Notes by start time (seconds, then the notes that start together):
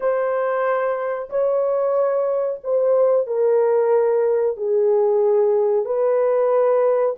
0.00 C5
1.29 C#5
2.63 C5
3.26 A#4
4.57 G#4
5.85 B4